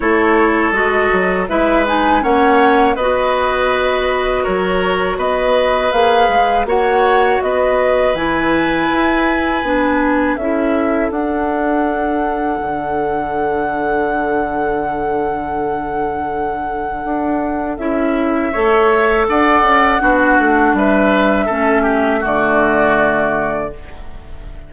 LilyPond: <<
  \new Staff \with { instrumentName = "flute" } { \time 4/4 \tempo 4 = 81 cis''4 dis''4 e''8 gis''8 fis''4 | dis''2 cis''4 dis''4 | f''4 fis''4 dis''4 gis''4~ | gis''2 e''4 fis''4~ |
fis''1~ | fis''1 | e''2 fis''2 | e''2 d''2 | }
  \new Staff \with { instrumentName = "oboe" } { \time 4/4 a'2 b'4 cis''4 | b'2 ais'4 b'4~ | b'4 cis''4 b'2~ | b'2 a'2~ |
a'1~ | a'1~ | a'4 cis''4 d''4 fis'4 | b'4 a'8 g'8 fis'2 | }
  \new Staff \with { instrumentName = "clarinet" } { \time 4/4 e'4 fis'4 e'8 dis'8 cis'4 | fis'1 | gis'4 fis'2 e'4~ | e'4 d'4 e'4 d'4~ |
d'1~ | d'1 | e'4 a'2 d'4~ | d'4 cis'4 a2 | }
  \new Staff \with { instrumentName = "bassoon" } { \time 4/4 a4 gis8 fis8 gis4 ais4 | b2 fis4 b4 | ais8 gis8 ais4 b4 e4 | e'4 b4 cis'4 d'4~ |
d'4 d2.~ | d2. d'4 | cis'4 a4 d'8 cis'8 b8 a8 | g4 a4 d2 | }
>>